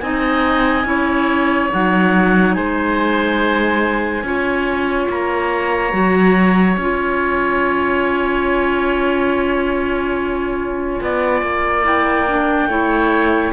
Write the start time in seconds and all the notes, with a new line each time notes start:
0.00 C4 D#4 D#5 G#5
0.85 C#4 E4 C#5
1.72 F#3 D#4 F#5
2.54 G#3 C5 G#5
4.23 C#4 F4 C#5
5.09 A#3 A#5
5.91 F#3 F#4
6.74 C#4 G#5
6.81 F4
11.01 B3 D5
11.42 A#3
11.84 E4 G5
12.28 D4
12.67 A3 E4 C#5